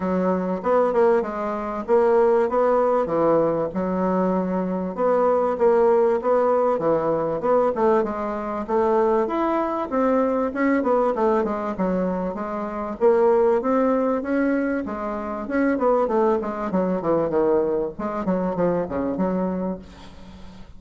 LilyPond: \new Staff \with { instrumentName = "bassoon" } { \time 4/4 \tempo 4 = 97 fis4 b8 ais8 gis4 ais4 | b4 e4 fis2 | b4 ais4 b4 e4 | b8 a8 gis4 a4 e'4 |
c'4 cis'8 b8 a8 gis8 fis4 | gis4 ais4 c'4 cis'4 | gis4 cis'8 b8 a8 gis8 fis8 e8 | dis4 gis8 fis8 f8 cis8 fis4 | }